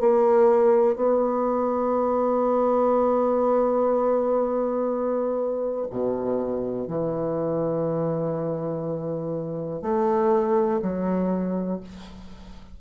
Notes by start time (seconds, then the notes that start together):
0.00 A#3
0.95 B3
5.91 B2
6.88 E3
9.82 A3
10.82 F#3